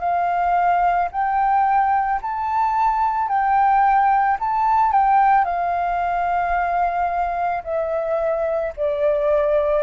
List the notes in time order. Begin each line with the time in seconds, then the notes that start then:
0.00 F5
1.12 G5
2.22 A5
3.29 G5
4.40 A5
4.92 G5
5.45 F5
7.64 E5
8.77 D5